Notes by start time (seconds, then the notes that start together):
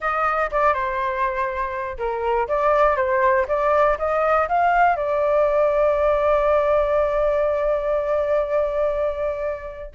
0.00 D#5
0.51 D5
0.73 C5
1.97 A#4
2.47 D5
2.96 C5
3.48 D5
3.98 D#5
4.48 F5
4.96 D5